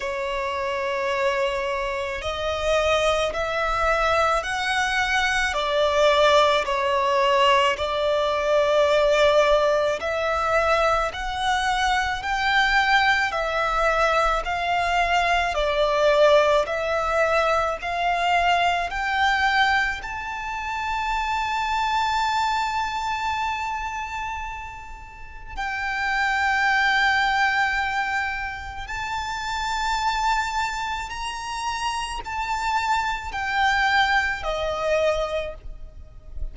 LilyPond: \new Staff \with { instrumentName = "violin" } { \time 4/4 \tempo 4 = 54 cis''2 dis''4 e''4 | fis''4 d''4 cis''4 d''4~ | d''4 e''4 fis''4 g''4 | e''4 f''4 d''4 e''4 |
f''4 g''4 a''2~ | a''2. g''4~ | g''2 a''2 | ais''4 a''4 g''4 dis''4 | }